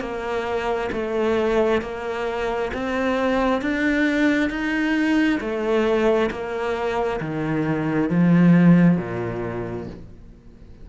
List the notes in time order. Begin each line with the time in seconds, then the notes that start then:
0.00 A#3
0.92 A3
1.82 A#3
2.74 C4
3.61 D4
4.50 D#4
5.40 A3
6.31 A#3
7.20 D#3
8.09 F3
8.97 A#2